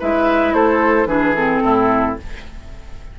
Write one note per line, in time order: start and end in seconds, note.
0.00 0.53 G#3
0.00 1.08 E4
0.00 0.55 B4
0.00 0.54 E5
0.53 1.06 A3
0.53 1.08 A4
0.53 1.07 C5
1.06 1.60 E3
1.06 1.35 D4
1.06 1.63 G#4
1.06 1.34 B4
1.35 2.18 C4
1.35 2.17 A4
1.63 2.18 A2
1.63 2.19 E4